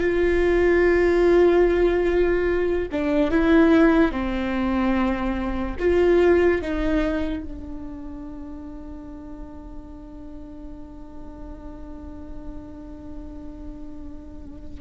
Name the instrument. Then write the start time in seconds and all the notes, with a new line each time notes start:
viola
0.00 F4
2.91 D4
3.30 E4
4.11 C4
5.79 F4
6.61 D#4
7.43 D4